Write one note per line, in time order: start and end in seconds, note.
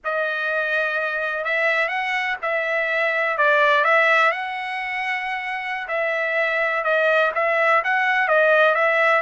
0.04 1.44 D#5
1.44 1.88 E5
1.88 2.36 F#5
2.42 3.37 E5
3.37 3.84 D5
3.84 4.31 E5
4.31 5.87 F#5
5.87 6.83 E5
6.83 7.31 D#5
7.34 7.82 E5
7.84 8.28 F#5
8.28 8.74 D#5
8.74 9.21 E5